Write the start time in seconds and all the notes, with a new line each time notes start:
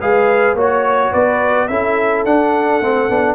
0.00 G#3 G#4 B4 F5
0.54 A#3 F#4 C#5
0.60 C#5
1.12 B3 B4 D5
1.68 C#4 E4 A4 E5
2.25 D4 F#5
2.81 A3 C4
3.09 B3 D4